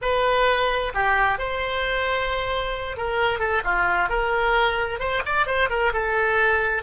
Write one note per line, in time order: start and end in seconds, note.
0.01 0.92 B4
0.94 1.38 G4
1.38 2.96 C5
2.96 3.39 A#4
3.39 3.62 A4
3.64 4.09 F4
4.09 4.99 A#4
4.99 5.22 C5
5.25 5.46 D5
5.46 5.69 C5
5.69 5.92 A#4
5.93 6.82 A4